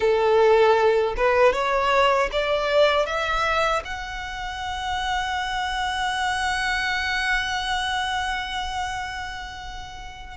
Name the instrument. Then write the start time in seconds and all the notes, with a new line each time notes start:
violin
0.00 A4
1.16 B4
1.52 C#5
2.32 D5
3.06 E5
3.85 F#5